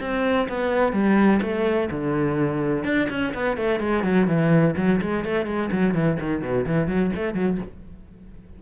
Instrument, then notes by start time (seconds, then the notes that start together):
cello
0.00 C4
0.48 B3
0.92 G3
1.42 A3
1.91 D3
2.84 D4
3.10 C#4
3.34 B3
3.57 A3
3.80 G#3
4.04 F#3
4.27 E3
4.77 F#3
5.01 G#3
5.24 A3
5.46 G#3
5.72 F#3
5.94 E3
6.20 D#3
6.42 B2
6.66 E3
6.87 F#3
7.15 A3
7.34 F#3